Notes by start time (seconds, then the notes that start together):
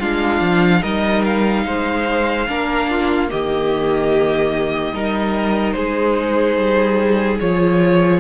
0.00 G#3 D4 F4 F5
0.41 F3
0.82 G3 D#4 A#4 D#5
1.24 F5
1.66 G#3 C5
2.48 A#3 D4 A#4
2.91 F4
3.29 D#3 A#3 G4 D#5
4.93 G3 D#4 A#4
5.73 G#3 G#4 C5
6.57 G3
7.41 F3 F4 C#5